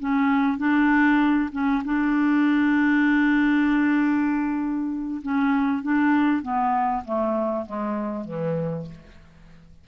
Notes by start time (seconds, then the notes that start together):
0.00 C#4
0.58 D4
1.52 C#4
1.85 D4
5.22 C#4
5.83 D4
6.42 B3
7.05 A3
7.66 G#3
8.25 E3